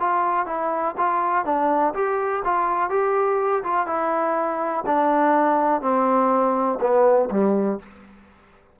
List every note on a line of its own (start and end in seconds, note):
0.00 0.46 F4
0.46 0.95 E4
0.98 1.45 F4
1.45 1.94 D4
1.94 2.43 G4
2.45 2.90 F4
2.90 3.63 G4
3.64 3.87 F4
3.87 4.84 E4
4.86 5.81 D4
5.81 6.79 C4
6.81 7.30 B3
7.31 7.80 G3